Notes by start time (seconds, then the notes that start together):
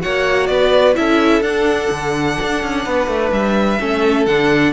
0.00 A#3 F#4 C#5 F#5
0.47 B3 B4 D5
0.95 C#4 E4 A4 E5
1.42 D4 F#5
1.90 D3
2.42 D4
2.63 C#4
2.85 B3 B4
3.07 A3
3.32 G3 E5
3.79 A3 C#4 A4
4.26 D3 D4 F#5